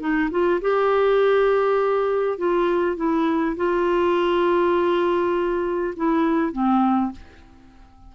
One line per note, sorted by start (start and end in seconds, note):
0.00 0.30 D#4
0.31 0.60 F4
0.61 2.38 G4
2.38 2.96 F4
2.96 3.56 E4
3.56 5.94 F4
5.96 6.52 E4
6.52 7.12 C4